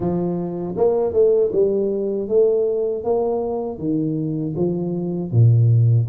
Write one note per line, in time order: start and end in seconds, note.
0.00 0.74 F3
0.76 1.13 A#3
1.13 1.51 A3
1.52 2.28 G3
2.28 3.04 A3
3.04 3.78 A#3
3.78 4.54 D#3
4.56 5.31 F3
5.31 6.07 A#2